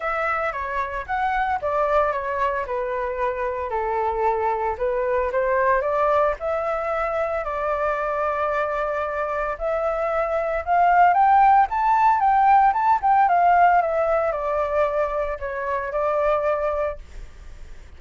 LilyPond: \new Staff \with { instrumentName = "flute" } { \time 4/4 \tempo 4 = 113 e''4 cis''4 fis''4 d''4 | cis''4 b'2 a'4~ | a'4 b'4 c''4 d''4 | e''2 d''2~ |
d''2 e''2 | f''4 g''4 a''4 g''4 | a''8 g''8 f''4 e''4 d''4~ | d''4 cis''4 d''2 | }